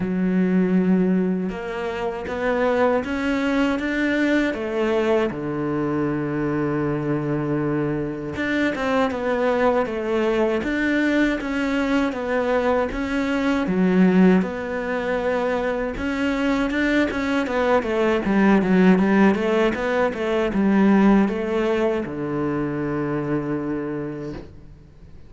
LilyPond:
\new Staff \with { instrumentName = "cello" } { \time 4/4 \tempo 4 = 79 fis2 ais4 b4 | cis'4 d'4 a4 d4~ | d2. d'8 c'8 | b4 a4 d'4 cis'4 |
b4 cis'4 fis4 b4~ | b4 cis'4 d'8 cis'8 b8 a8 | g8 fis8 g8 a8 b8 a8 g4 | a4 d2. | }